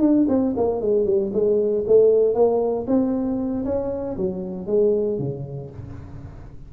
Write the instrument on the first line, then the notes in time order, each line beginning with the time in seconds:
tuba
0.00 D4
0.28 C4
0.57 A#3
0.81 G#3
1.05 G3
1.33 G#3
1.87 A3
2.34 A#3
2.87 C4
3.65 C#4
4.17 F#3
4.66 G#3
5.18 C#3